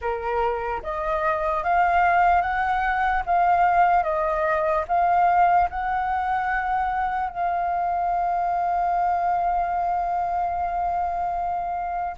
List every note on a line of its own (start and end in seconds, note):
0.01 0.82 A#4
0.82 1.63 D#5
1.63 2.41 F5
2.41 3.22 F#5
3.25 4.03 F5
4.03 4.84 D#5
4.88 5.69 F5
5.70 7.29 F#5
7.29 12.16 F5